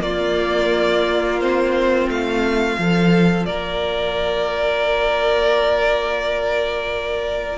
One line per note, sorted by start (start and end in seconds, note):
0.00 1.38 A#3
0.00 2.08 A#3
0.00 2.79 F4
0.00 1.40 D5
1.40 2.77 C4
1.40 2.09 C5
2.08 2.77 A3
2.08 3.46 F5
2.77 3.48 F3
2.77 7.58 F4
2.77 3.48 A4
3.46 7.58 A#3
3.46 7.58 A#4
3.46 7.58 D5